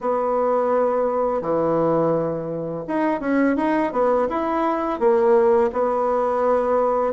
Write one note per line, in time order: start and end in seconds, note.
0.00 1.41 B3
1.41 2.84 E3
2.87 3.20 D#4
3.20 3.56 C#4
3.56 3.92 D#4
3.92 4.28 B3
4.28 4.99 E4
4.99 5.70 A#3
5.72 7.13 B3